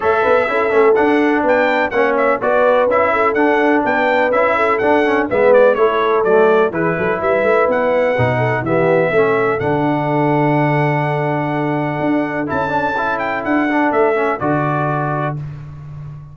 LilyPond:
<<
  \new Staff \with { instrumentName = "trumpet" } { \time 4/4 \tempo 4 = 125 e''2 fis''4 g''4 | fis''8 e''8 d''4 e''4 fis''4 | g''4 e''4 fis''4 e''8 d''8 | cis''4 d''4 b'4 e''4 |
fis''2 e''2 | fis''1~ | fis''2 a''4. g''8 | fis''4 e''4 d''2 | }
  \new Staff \with { instrumentName = "horn" } { \time 4/4 cis''8 b'8 a'2 b'4 | cis''4 b'4. a'4. | b'4. a'4. b'4 | a'2 gis'8 a'8 b'4~ |
b'4. a'8 g'4 a'4~ | a'1~ | a'1~ | a'1 | }
  \new Staff \with { instrumentName = "trombone" } { \time 4/4 a'4 e'8 cis'8 d'2 | cis'4 fis'4 e'4 d'4~ | d'4 e'4 d'8 cis'8 b4 | e'4 a4 e'2~ |
e'4 dis'4 b4 cis'4 | d'1~ | d'2 e'8 d'8 e'4~ | e'8 d'4 cis'8 fis'2 | }
  \new Staff \with { instrumentName = "tuba" } { \time 4/4 a8 b8 cis'8 a8 d'4 b4 | ais4 b4 cis'4 d'4 | b4 cis'4 d'4 gis4 | a4 fis4 e8 fis8 g8 a8 |
b4 b,4 e4 a4 | d1~ | d4 d'4 cis'2 | d'4 a4 d2 | }
>>